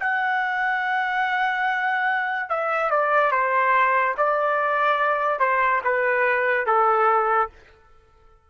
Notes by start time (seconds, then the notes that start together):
0.00 F#5
2.50 E5
2.91 D5
3.32 C5
4.17 D5
5.40 C5
5.84 B4
6.67 A4